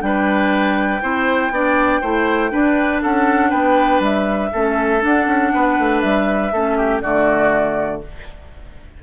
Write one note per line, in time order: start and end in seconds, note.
0.00 1.02 G3
0.00 1.00 D4
0.00 1.03 B4
0.00 3.02 G5
1.02 1.51 C4
1.02 1.52 E4
1.02 1.53 C5
1.51 2.01 B3
1.51 2.03 D4
1.51 2.01 D5
2.01 2.52 A3
2.01 2.51 E4
2.01 2.51 C5
2.51 4.51 D4
2.51 3.02 D4
2.51 3.03 B4
3.03 3.53 C#4
3.03 3.50 A4
3.03 3.51 F#5
3.50 4.00 B3
3.50 4.50 B4
3.50 4.01 G5
4.00 4.50 G3
4.00 5.04 E5
4.53 5.04 A3
4.53 5.01 C#4
4.53 5.53 A4
5.01 6.51 D4
5.01 5.27 D4
5.01 6.01 F#5
5.27 5.52 C#4
5.54 5.79 B3
5.54 6.53 B4
5.79 6.04 A3
6.01 6.53 G3
6.01 7.01 E5
6.53 7.03 A3
6.53 7.03 C#4
6.53 6.78 A4
6.78 7.02 G4
7.02 8.03 D3
7.02 8.03 A3
7.02 8.03 F#4
7.02 8.02 D5